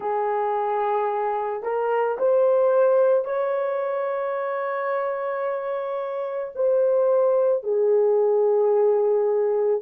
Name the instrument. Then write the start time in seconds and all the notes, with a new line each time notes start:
horn
0.00 G#4
1.63 A#4
2.18 C5
3.24 C#5
6.55 C5
7.63 G#4